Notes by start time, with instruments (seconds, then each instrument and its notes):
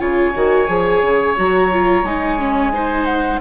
0.00 bassoon C#3, viola F4, oboe C#5, flute G#5
0.36 bassoon D#3, viola F#4
0.68 bassoon F3, viola G#4
1.02 bassoon C#3
1.37 bassoon F#3, viola F#4, flute A#5
1.72 viola F4
2.04 bassoon G#3, viola D#4, flute G#5
2.39 viola C#4
2.73 viola D#4, oboe C5
3.05 flute F#5